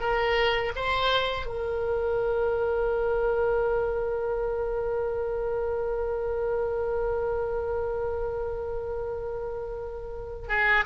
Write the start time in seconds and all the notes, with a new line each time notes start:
0.00 A#4
0.76 C5
1.46 A#4
10.48 G#4